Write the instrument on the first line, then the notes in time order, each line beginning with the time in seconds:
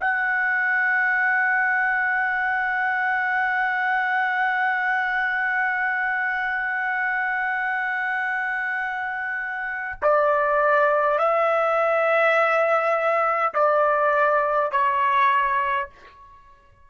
trumpet
0.00 F#5
10.02 D5
11.18 E5
13.53 D5
14.71 C#5